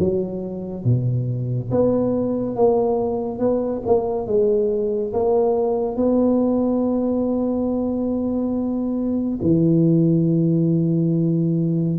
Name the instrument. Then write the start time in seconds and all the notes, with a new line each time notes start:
tuba
0.00 F#3
0.85 B2
1.71 B3
2.56 A#3
3.39 B3
3.86 A#3
4.27 G#3
5.14 A#3
5.96 B3
9.42 E3